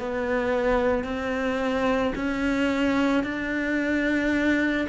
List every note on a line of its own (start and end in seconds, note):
0.00 1.05 B3
1.05 2.14 C4
2.16 3.24 C#4
3.24 4.88 D4